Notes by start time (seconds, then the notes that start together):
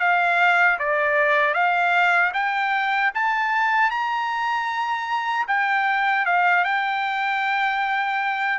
0.00 F5
0.79 D5
1.54 F5
2.33 G5
3.15 A5
3.90 A#5
5.48 G5
6.26 F5
6.64 G5